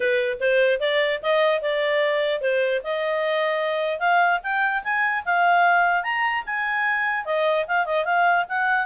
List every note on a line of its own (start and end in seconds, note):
0.00 0.37 B4
0.40 0.80 C5
0.80 1.20 D5
1.22 1.61 D#5
1.61 2.41 D5
2.41 2.81 C5
2.83 3.99 D#5
3.99 4.40 F5
4.43 4.83 G5
4.83 5.24 G#5
5.25 6.03 F5
6.03 6.43 A#5
6.46 7.25 G#5
7.25 7.65 D#5
7.67 7.85 F5
7.85 8.04 D#5
8.04 8.45 F5
8.48 8.86 F#5